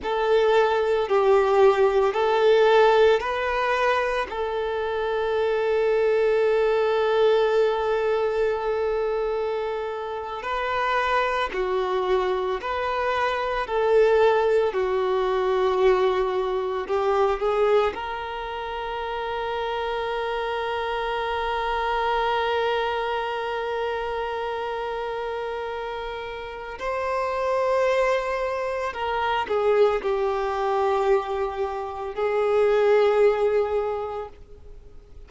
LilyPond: \new Staff \with { instrumentName = "violin" } { \time 4/4 \tempo 4 = 56 a'4 g'4 a'4 b'4 | a'1~ | a'4.~ a'16 b'4 fis'4 b'16~ | b'8. a'4 fis'2 g'16~ |
g'16 gis'8 ais'2.~ ais'16~ | ais'1~ | ais'4 c''2 ais'8 gis'8 | g'2 gis'2 | }